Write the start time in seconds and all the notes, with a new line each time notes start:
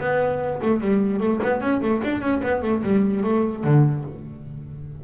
0.00 B3
0.62 A3
0.81 G3
1.20 A3
1.43 B3
1.61 C#4
1.81 A3
2.04 D4
2.21 C#4
2.43 B3
2.62 A3
2.83 G3
3.23 A3
3.64 D3